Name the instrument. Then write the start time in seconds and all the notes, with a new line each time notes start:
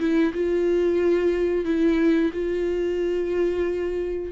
viola
0.00 E4
0.34 F4
1.65 E4
2.34 F4